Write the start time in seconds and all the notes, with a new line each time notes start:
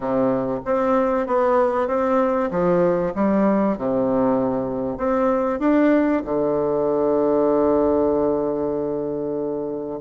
0.00 C3
0.65 C4
1.26 B3
1.87 C4
2.50 F3
3.14 G3
3.77 C3
4.97 C4
5.59 D4
6.24 D3